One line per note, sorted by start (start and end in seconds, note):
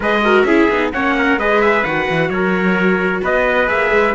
0.00 0.43 G#3
0.00 0.25 G#4
0.00 0.21 B4
0.00 0.42 D#5
0.24 0.47 F#4
0.24 0.46 A#4
0.42 0.66 C#4
0.42 0.70 E4
0.42 0.93 G#4
0.42 0.88 E5
0.69 0.92 B3
0.69 0.93 D#4
0.92 1.37 A#3
0.92 1.39 C#4
0.92 1.16 C#5
0.92 1.39 F#5
1.17 1.39 A#4
1.37 1.83 G#3
1.37 1.85 G#4
1.37 2.31 B4
1.37 1.61 D#5
1.61 1.83 E5
1.83 2.08 D#3
1.83 3.66 F#4
1.83 2.29 F#5
2.09 2.29 E3
2.29 3.21 F#3
2.29 3.22 A#4
2.29 3.22 C#5
3.22 3.69 B3
3.22 4.15 B4
3.22 3.68 D#5
3.66 3.91 A#3
3.66 4.13 G#4
3.66 4.14 E5
3.91 4.14 G#3